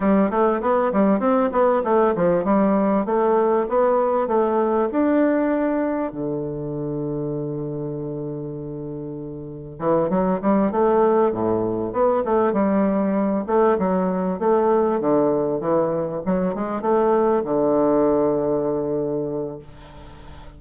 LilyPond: \new Staff \with { instrumentName = "bassoon" } { \time 4/4 \tempo 4 = 98 g8 a8 b8 g8 c'8 b8 a8 f8 | g4 a4 b4 a4 | d'2 d2~ | d1 |
e8 fis8 g8 a4 a,4 b8 | a8 g4. a8 fis4 a8~ | a8 d4 e4 fis8 gis8 a8~ | a8 d2.~ d8 | }